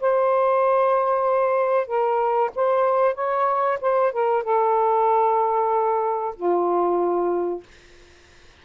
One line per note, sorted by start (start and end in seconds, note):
0.00 1.87 C5
1.87 2.51 A#4
2.56 3.15 C5
3.15 3.78 C#5
3.81 4.12 C5
4.12 4.43 A#4
4.43 6.35 A4
6.36 7.63 F4